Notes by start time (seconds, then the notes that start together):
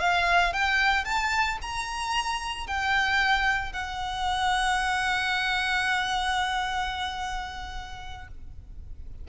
0.00 F5
0.53 G5
1.05 A5
1.62 A#5
2.67 G5
3.73 F#5